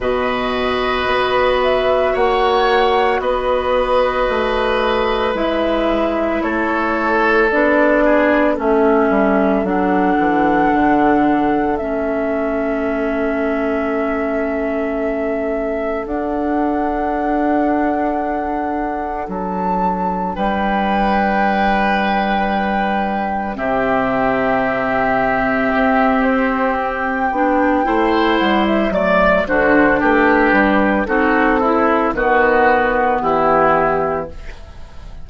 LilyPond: <<
  \new Staff \with { instrumentName = "flute" } { \time 4/4 \tempo 4 = 56 dis''4. e''8 fis''4 dis''4~ | dis''4 e''4 cis''4 d''4 | e''4 fis''2 e''4~ | e''2. fis''4~ |
fis''2 a''4 g''4~ | g''2 e''2~ | e''8 c''8 g''4. fis''16 e''16 d''8 c''8 | b'4 a'4 b'4 g'4 | }
  \new Staff \with { instrumentName = "oboe" } { \time 4/4 b'2 cis''4 b'4~ | b'2 a'4. gis'8 | a'1~ | a'1~ |
a'2. b'4~ | b'2 g'2~ | g'2 c''4 d''8 fis'8 | g'4 fis'8 e'8 fis'4 e'4 | }
  \new Staff \with { instrumentName = "clarinet" } { \time 4/4 fis'1~ | fis'4 e'2 d'4 | cis'4 d'2 cis'4~ | cis'2. d'4~ |
d'1~ | d'2 c'2~ | c'4. d'8 e'4 a8 d'8~ | d'4 dis'8 e'8 b2 | }
  \new Staff \with { instrumentName = "bassoon" } { \time 4/4 b,4 b4 ais4 b4 | a4 gis4 a4 b4 | a8 g8 fis8 e8 d4 a4~ | a2. d'4~ |
d'2 fis4 g4~ | g2 c2 | c'4. b8 a8 g8 fis8 d8 | a8 g8 c'4 dis4 e4 | }
>>